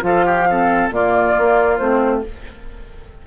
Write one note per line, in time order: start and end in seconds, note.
0.00 0.89 F3
0.00 0.44 F4
0.00 0.25 A4
0.00 0.91 F5
0.25 0.47 G4
0.50 0.91 C4
0.50 0.94 A4
0.89 1.34 A#2
0.89 1.79 A#3
0.89 2.26 F4
0.89 1.77 D5
1.37 1.80 A#3
1.77 2.24 A3
1.77 2.23 C4
1.77 2.21 C5